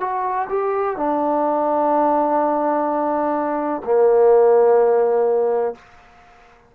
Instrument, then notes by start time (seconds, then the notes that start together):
trombone
0.00 F#4
0.49 G4
0.97 D4
3.85 A#3